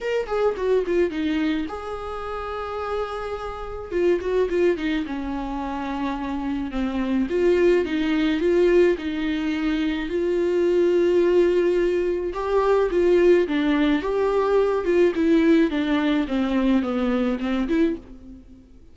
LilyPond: \new Staff \with { instrumentName = "viola" } { \time 4/4 \tempo 4 = 107 ais'8 gis'8 fis'8 f'8 dis'4 gis'4~ | gis'2. f'8 fis'8 | f'8 dis'8 cis'2. | c'4 f'4 dis'4 f'4 |
dis'2 f'2~ | f'2 g'4 f'4 | d'4 g'4. f'8 e'4 | d'4 c'4 b4 c'8 e'8 | }